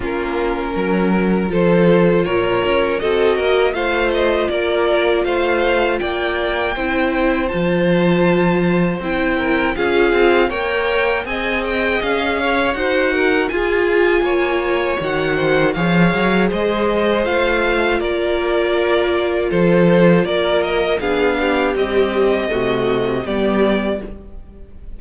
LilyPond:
<<
  \new Staff \with { instrumentName = "violin" } { \time 4/4 \tempo 4 = 80 ais'2 c''4 cis''4 | dis''4 f''8 dis''8 d''4 f''4 | g''2 a''2 | g''4 f''4 g''4 gis''8 g''8 |
f''4 fis''4 gis''2 | fis''4 f''4 dis''4 f''4 | d''2 c''4 d''8 dis''8 | f''4 dis''2 d''4 | }
  \new Staff \with { instrumentName = "violin" } { \time 4/4 f'4 ais'4 a'4 ais'4 | a'8 ais'8 c''4 ais'4 c''4 | d''4 c''2.~ | c''8 ais'8 gis'4 cis''4 dis''4~ |
dis''8 cis''8 c''8 ais'8 gis'4 cis''4~ | cis''8 c''8 cis''4 c''2 | ais'2 a'4 ais'4 | gis'8 g'4. fis'4 g'4 | }
  \new Staff \with { instrumentName = "viola" } { \time 4/4 cis'2 f'2 | fis'4 f'2.~ | f'4 e'4 f'2 | e'4 f'4 ais'4 gis'4~ |
gis'4 fis'4 f'2 | fis'4 gis'2 f'4~ | f'1 | d'4 g4 a4 b4 | }
  \new Staff \with { instrumentName = "cello" } { \time 4/4 ais4 fis4 f4 ais,8 cis'8 | c'8 ais8 a4 ais4 a4 | ais4 c'4 f2 | c'4 cis'8 c'8 ais4 c'4 |
cis'4 dis'4 f'4 ais4 | dis4 f8 fis8 gis4 a4 | ais2 f4 ais4 | b4 c'4 c4 g4 | }
>>